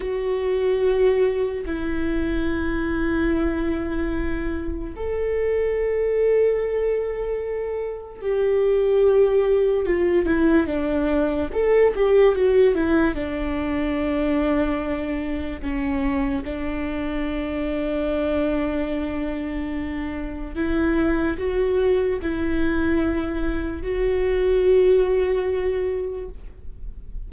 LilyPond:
\new Staff \with { instrumentName = "viola" } { \time 4/4 \tempo 4 = 73 fis'2 e'2~ | e'2 a'2~ | a'2 g'2 | f'8 e'8 d'4 a'8 g'8 fis'8 e'8 |
d'2. cis'4 | d'1~ | d'4 e'4 fis'4 e'4~ | e'4 fis'2. | }